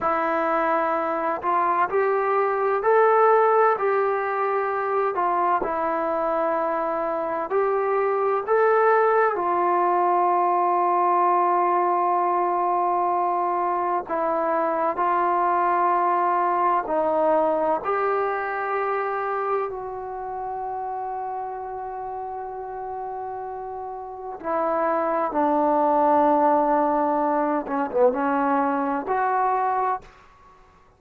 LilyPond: \new Staff \with { instrumentName = "trombone" } { \time 4/4 \tempo 4 = 64 e'4. f'8 g'4 a'4 | g'4. f'8 e'2 | g'4 a'4 f'2~ | f'2. e'4 |
f'2 dis'4 g'4~ | g'4 fis'2.~ | fis'2 e'4 d'4~ | d'4. cis'16 b16 cis'4 fis'4 | }